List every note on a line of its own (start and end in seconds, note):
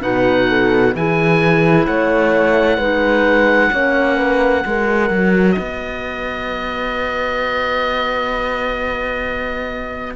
0.00 0.94 B2
0.00 0.92 D#4
0.00 0.47 B4
0.00 0.94 F#5
0.48 0.94 A4
0.94 1.87 E3
0.94 2.80 E4
0.94 1.86 G#4
0.94 1.86 G#5
1.86 2.77 A3
1.86 2.77 C#5
1.86 5.51 F#5
2.77 3.70 G#3
2.77 3.72 D#4
2.77 3.69 B4
3.72 4.64 A#3
3.72 4.65 C#4
3.72 4.17 C#5
4.17 4.63 B4
4.65 5.10 G#3
4.65 10.15 F#4
4.65 5.57 A#4
5.10 5.56 F#3
5.51 10.15 B4
5.51 10.13 D#5
5.58 10.15 B3